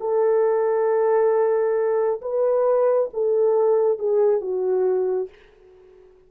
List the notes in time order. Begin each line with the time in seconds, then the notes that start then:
0.00 A4
2.21 B4
3.13 A4
3.98 G#4
4.40 F#4